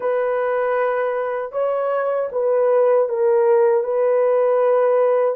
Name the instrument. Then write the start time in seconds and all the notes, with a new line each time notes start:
horn
0.00 B4
1.52 C#5
2.31 B4
3.08 A#4
3.83 B4